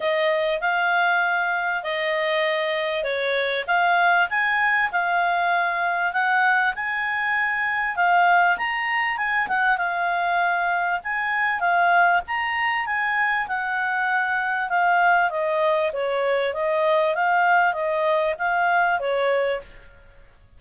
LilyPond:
\new Staff \with { instrumentName = "clarinet" } { \time 4/4 \tempo 4 = 98 dis''4 f''2 dis''4~ | dis''4 cis''4 f''4 gis''4 | f''2 fis''4 gis''4~ | gis''4 f''4 ais''4 gis''8 fis''8 |
f''2 gis''4 f''4 | ais''4 gis''4 fis''2 | f''4 dis''4 cis''4 dis''4 | f''4 dis''4 f''4 cis''4 | }